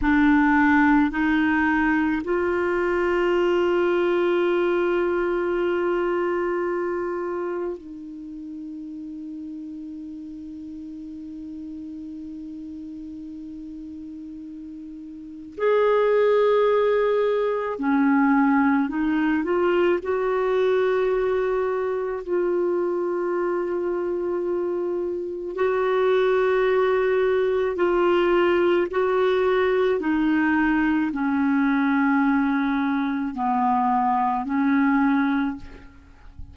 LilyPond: \new Staff \with { instrumentName = "clarinet" } { \time 4/4 \tempo 4 = 54 d'4 dis'4 f'2~ | f'2. dis'4~ | dis'1~ | dis'2 gis'2 |
cis'4 dis'8 f'8 fis'2 | f'2. fis'4~ | fis'4 f'4 fis'4 dis'4 | cis'2 b4 cis'4 | }